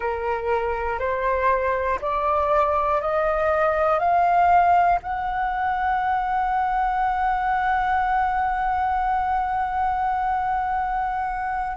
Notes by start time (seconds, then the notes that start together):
0.00 A#4
0.99 C5
2.00 D5
3.01 D#5
3.99 F5
5.02 F#5